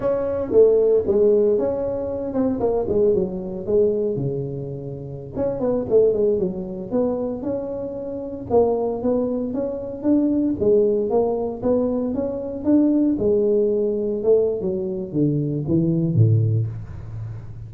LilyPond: \new Staff \with { instrumentName = "tuba" } { \time 4/4 \tempo 4 = 115 cis'4 a4 gis4 cis'4~ | cis'8 c'8 ais8 gis8 fis4 gis4 | cis2~ cis16 cis'8 b8 a8 gis16~ | gis16 fis4 b4 cis'4.~ cis'16~ |
cis'16 ais4 b4 cis'4 d'8.~ | d'16 gis4 ais4 b4 cis'8.~ | cis'16 d'4 gis2 a8. | fis4 d4 e4 a,4 | }